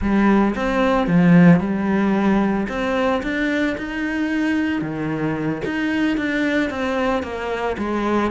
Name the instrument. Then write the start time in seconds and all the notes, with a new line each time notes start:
cello
0.01 G3
0.55 C4
1.07 F3
1.60 G3
2.68 C4
3.23 D4
3.77 D#4
4.81 D#3
5.64 D#4
6.17 D4
6.70 C4
7.22 A#3
7.77 G#3